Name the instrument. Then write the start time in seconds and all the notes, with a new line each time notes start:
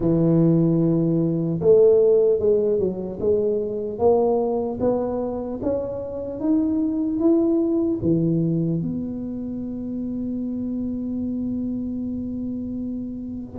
tuba
0.00 E3
1.60 A3
2.39 G#3
2.78 F#3
3.20 G#3
3.98 A#3
4.80 B3
5.62 C#4
6.40 D#4
7.19 E4
8.02 E3
8.82 B3